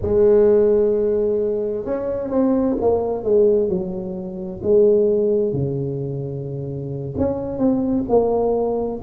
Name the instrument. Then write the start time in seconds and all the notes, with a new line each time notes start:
tuba
0.01 G#3
1.85 C#4
2.30 C4
2.81 A#3
3.23 G#3
3.68 F#3
4.62 G#3
5.52 C#3
7.17 C#4
7.58 C4
8.09 A#3